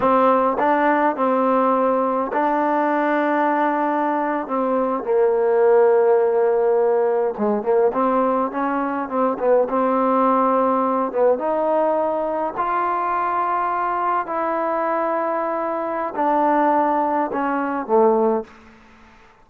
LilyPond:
\new Staff \with { instrumentName = "trombone" } { \time 4/4 \tempo 4 = 104 c'4 d'4 c'2 | d'2.~ d'8. c'16~ | c'8. ais2.~ ais16~ | ais8. gis8 ais8 c'4 cis'4 c'16~ |
c'16 b8 c'2~ c'8 b8 dis'16~ | dis'4.~ dis'16 f'2~ f'16~ | f'8. e'2.~ e'16 | d'2 cis'4 a4 | }